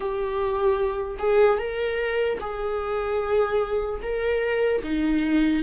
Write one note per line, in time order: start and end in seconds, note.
0.00 1.17 G4
1.19 1.58 G#4
1.58 2.38 A#4
2.40 4.00 G#4
4.02 4.82 A#4
4.83 5.63 D#4